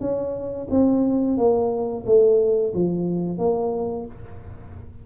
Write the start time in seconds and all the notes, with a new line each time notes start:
0.00 C#4
0.70 C4
1.37 A#3
2.06 A3
2.74 F3
3.38 A#3